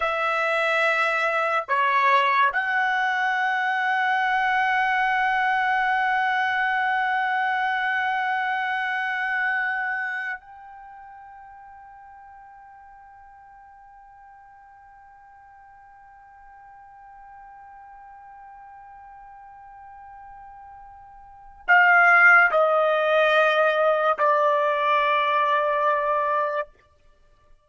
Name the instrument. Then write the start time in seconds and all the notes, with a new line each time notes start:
trumpet
0.00 E5
1.67 C#5
2.52 F#5
10.40 G5
21.67 F5
22.51 D#5
24.18 D5